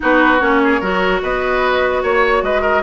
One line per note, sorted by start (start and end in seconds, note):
0.00 0.41 B3
0.00 0.38 D#4
0.00 0.62 F#4
0.00 0.40 B4
0.40 0.81 A#3
0.40 0.80 C#4
0.40 1.21 C#5
0.63 0.80 G#4
0.80 1.21 F#3
0.80 2.83 F#4
0.80 1.21 A#4
1.22 2.03 B3
1.22 2.02 B4
1.22 2.03 D#5
2.02 2.42 A#3
2.02 2.43 C#5
2.42 2.83 G#3
2.42 2.61 B4
2.42 2.83 D#5
2.61 2.82 A#4